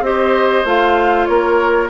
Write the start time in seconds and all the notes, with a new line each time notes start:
0.00 C4 G4 C5 D#5
0.64 A3 F4 F5
1.25 A#3 A#4 C#5